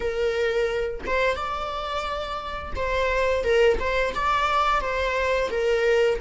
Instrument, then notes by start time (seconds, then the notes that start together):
viola
0.00 A#4
1.06 C5
1.35 D5
2.75 C5
3.44 A#4
3.79 C5
4.14 D5
4.81 C5
5.50 A#4